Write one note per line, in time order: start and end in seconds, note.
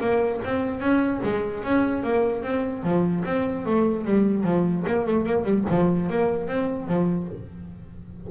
0.00 0.41 A#3
0.44 0.80 C4
0.80 1.20 C#4
1.23 1.63 G#3
1.63 2.03 C#4
2.03 2.43 A#3
2.43 2.83 C4
2.83 3.24 F3
3.25 3.65 C4
3.65 4.04 A3
4.04 4.43 G3
4.43 4.84 F3
4.87 5.06 A#3
5.06 5.26 A3
5.26 5.44 A#3
5.44 5.64 G3
5.70 6.09 F3
6.09 6.47 A#3
6.47 6.87 C4
6.87 7.28 F3